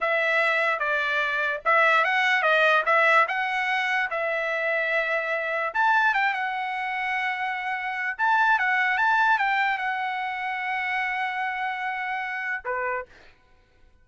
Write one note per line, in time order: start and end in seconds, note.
0.00 0.79 E5
0.79 1.60 D5
1.65 2.04 E5
2.04 2.42 F#5
2.42 2.83 D#5
2.85 3.26 E5
3.28 4.09 F#5
4.10 5.73 E5
5.73 6.14 A5
6.14 6.33 G5
6.33 8.17 F#5
8.18 8.58 A5
8.59 8.97 F#5
8.97 9.38 A5
9.38 9.78 G5
9.78 12.63 F#5
12.64 13.05 B4